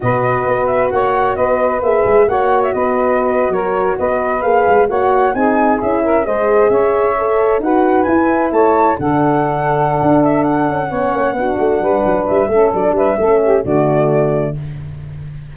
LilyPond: <<
  \new Staff \with { instrumentName = "flute" } { \time 4/4 \tempo 4 = 132 dis''4. e''8 fis''4 dis''4 | e''4 fis''8. e''16 dis''4.~ dis''16 cis''16~ | cis''8. dis''4 f''4 fis''4 gis''16~ | gis''8. e''4 dis''4 e''4~ e''16~ |
e''8. fis''4 gis''4 a''4 fis''16~ | fis''2~ fis''8 e''8 fis''4~ | fis''2. e''4 | d''8 e''4. d''2 | }
  \new Staff \with { instrumentName = "saxophone" } { \time 4/4 b'2 cis''4 b'4~ | b'4 cis''4 b'4.~ b'16 ais'16~ | ais'8. b'2 cis''4 gis'16~ | gis'4~ gis'16 ais'8 c''4 cis''4~ cis''16~ |
cis''8. b'2 cis''4 a'16~ | a'1 | cis''4 fis'4 b'4. a'8~ | a'8 b'8 a'8 g'8 fis'2 | }
  \new Staff \with { instrumentName = "horn" } { \time 4/4 fis'1 | gis'4 fis'2.~ | fis'4.~ fis'16 gis'4 fis'4 dis'16~ | dis'8. e'4 gis'2 a'16~ |
a'8. fis'4 e'2 d'16~ | d'1 | cis'4 d'2~ d'8 cis'8 | d'4 cis'4 a2 | }
  \new Staff \with { instrumentName = "tuba" } { \time 4/4 b,4 b4 ais4 b4 | ais8 gis8 ais4 b4.~ b16 fis16~ | fis8. b4 ais8 gis8 ais4 c'16~ | c'8. cis'4 gis4 cis'4~ cis'16~ |
cis'8. dis'4 e'4 a4 d16~ | d2 d'4. cis'8 | b8 ais8 b8 a8 g8 fis8 g8 a8 | fis8 g8 a4 d2 | }
>>